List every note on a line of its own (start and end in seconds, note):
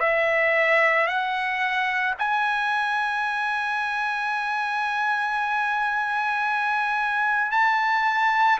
0.00 1.07 E5
1.07 2.14 F#5
2.19 7.52 G#5
7.52 8.59 A5